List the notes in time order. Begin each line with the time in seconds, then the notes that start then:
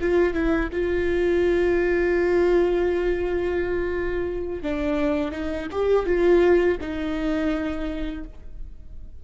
0.00 F4
0.33 E4
0.72 F4
4.62 D4
5.31 D#4
5.71 G4
6.06 F4
6.81 D#4